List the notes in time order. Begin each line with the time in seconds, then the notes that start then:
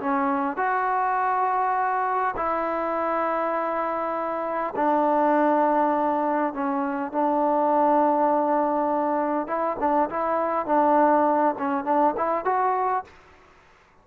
0.00 C#4
0.57 F#4
2.37 E4
4.76 D4
6.54 C#4
7.13 D4
9.48 E4
9.80 D4
10.10 E4
10.67 D4
11.59 C#4
11.85 D4
12.17 E4
12.45 F#4